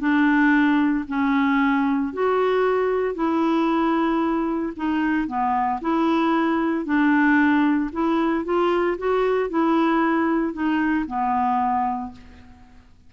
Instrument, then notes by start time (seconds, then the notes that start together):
clarinet
0.00 D4
1.09 C#4
2.14 F#4
3.16 E4
4.77 D#4
5.28 B3
5.82 E4
6.86 D4
7.93 E4
8.45 F4
8.98 F#4
9.50 E4
10.54 D#4
11.07 B3